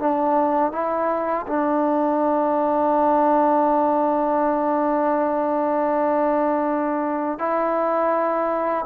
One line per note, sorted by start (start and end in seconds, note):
0.00 0.72 D4
0.72 1.46 E4
1.47 7.39 D4
7.39 8.86 E4